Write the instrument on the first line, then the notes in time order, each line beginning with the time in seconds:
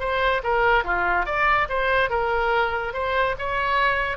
oboe
0.00 C5
0.43 A#4
0.84 F4
1.26 D5
1.69 C5
2.10 A#4
2.94 C5
3.39 C#5